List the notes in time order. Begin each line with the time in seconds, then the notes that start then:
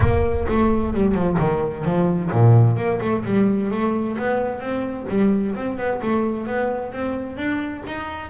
0.00 A#3
0.48 A3
0.93 G3
1.14 F3
1.38 D#3
1.84 F3
2.31 A#2
2.76 A#3
3.01 A3
3.25 G3
3.70 A3
4.18 B3
4.60 C4
5.09 G3
5.55 C4
5.77 B3
6.01 A3
6.46 B3
6.92 C4
7.36 D4
7.86 D#4